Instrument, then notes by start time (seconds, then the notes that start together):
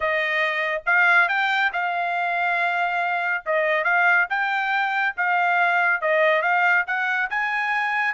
trumpet
0.00 D#5
0.86 F5
1.28 G5
1.72 F5
3.45 D#5
3.84 F5
4.29 G5
5.16 F5
6.01 D#5
6.41 F5
6.86 F#5
7.30 G#5